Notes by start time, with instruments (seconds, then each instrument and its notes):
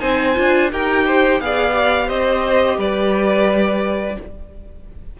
0.00 cello C4, viola D#4, violin C5 G#5
0.35 cello D4, viola F4
0.72 cello D#4, viola G4, violin A#4 G5
1.07 violin C5
1.41 cello B3, viola G#4, violin D5 F5
1.73 viola G4
2.07 cello C4, violin C5 D#5
2.77 cello G3, violin B4 D5